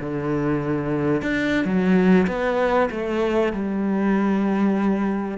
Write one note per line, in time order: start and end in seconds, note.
0.00 1.22 D3
1.22 1.65 D4
1.65 2.27 F#3
2.27 2.89 B3
2.91 3.53 A3
3.53 5.38 G3